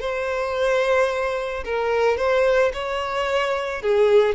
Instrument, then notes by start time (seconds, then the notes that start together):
violin
0.00 C5
1.65 A#4
2.17 C5
2.73 C#5
3.82 G#4